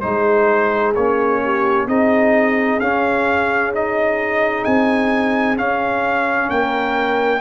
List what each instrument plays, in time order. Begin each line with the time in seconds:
0.00 tuba G#3, trombone D#4, horn G#4, trumpet C5
0.95 tuba A#3, trombone C#4, trumpet C#5
1.43 horn G4
1.86 tuba C4, trombone D#4, horn G#4, trumpet D#5
2.79 tuba C#4, trombone C#4, trumpet F5
3.73 trombone D#4, trumpet D#5
4.64 tuba C4, trumpet G#5
5.56 tuba C#4, trombone C#4, trumpet F5
6.48 tuba A#3, horn A#4, trumpet G5